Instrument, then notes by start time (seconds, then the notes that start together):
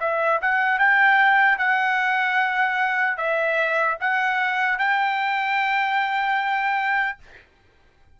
trumpet
0.00 E5
0.42 F#5
0.79 G5
1.58 F#5
3.17 E5
4.01 F#5
4.79 G5